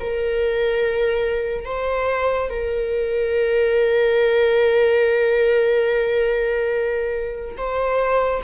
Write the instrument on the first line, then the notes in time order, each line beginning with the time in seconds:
viola
0.00 A#4
1.65 C5
2.50 A#4
7.57 C5